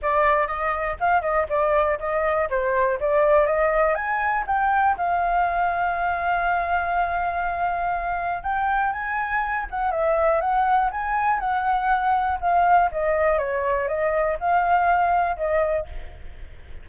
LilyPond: \new Staff \with { instrumentName = "flute" } { \time 4/4 \tempo 4 = 121 d''4 dis''4 f''8 dis''8 d''4 | dis''4 c''4 d''4 dis''4 | gis''4 g''4 f''2~ | f''1~ |
f''4 g''4 gis''4. fis''8 | e''4 fis''4 gis''4 fis''4~ | fis''4 f''4 dis''4 cis''4 | dis''4 f''2 dis''4 | }